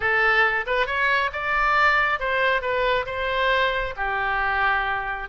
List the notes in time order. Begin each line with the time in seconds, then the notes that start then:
0.00 A4
0.66 B4
0.86 C#5
1.32 D5
2.19 C5
2.61 B4
3.06 C5
3.96 G4